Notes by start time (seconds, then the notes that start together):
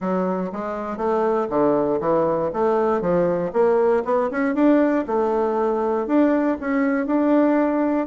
0.00 F#3
0.52 G#3
0.97 A3
1.49 D3
2.00 E3
2.53 A3
3.01 F3
3.52 A#3
4.05 B3
4.30 C#4
4.54 D4
5.06 A3
6.06 D4
6.60 C#4
7.06 D4